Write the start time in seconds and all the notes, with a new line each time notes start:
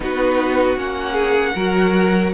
0.00 B3 D#4 F#4 B4
0.76 A#3 C#4 F#5
1.12 G#4
1.55 F#3 F#4 A#4